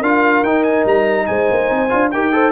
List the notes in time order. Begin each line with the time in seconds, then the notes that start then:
0.00 D4 F4 A#4 F5
0.43 D#4 G5
0.64 G#5
0.86 G3 A#5
1.27 G#3 C5 G#5
1.51 A#3
1.71 C4
1.90 D4 F4
2.11 D#4 G4 A#4 G5
2.33 A4 C5